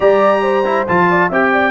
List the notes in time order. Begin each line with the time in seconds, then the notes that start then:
0.00 G3 G4 D5 A#5
0.41 C5
0.65 E4
0.88 F3 F4 A5
1.10 D5
1.29 C4 G4 E5 G5
1.52 D5